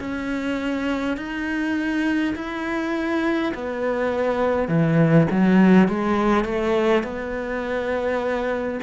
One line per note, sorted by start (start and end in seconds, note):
0.00 1.18 C#4
1.18 2.35 D#4
2.36 3.53 E4
3.55 4.68 B3
4.68 5.27 E3
5.31 5.88 F#3
5.88 6.45 G#3
6.45 7.04 A3
7.04 8.80 B3